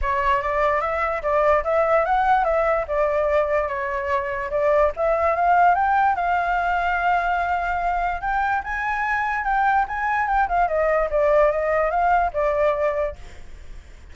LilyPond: \new Staff \with { instrumentName = "flute" } { \time 4/4 \tempo 4 = 146 cis''4 d''4 e''4 d''4 | e''4 fis''4 e''4 d''4~ | d''4 cis''2 d''4 | e''4 f''4 g''4 f''4~ |
f''1 | g''4 gis''2 g''4 | gis''4 g''8 f''8 dis''4 d''4 | dis''4 f''4 d''2 | }